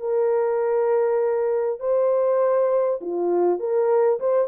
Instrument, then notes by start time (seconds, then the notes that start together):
horn
0.00 A#4
1.80 C5
3.01 F4
3.59 A#4
4.20 C5